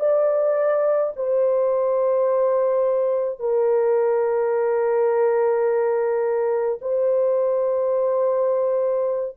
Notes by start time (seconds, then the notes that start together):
0.00 D5
1.17 C5
3.40 A#4
6.82 C5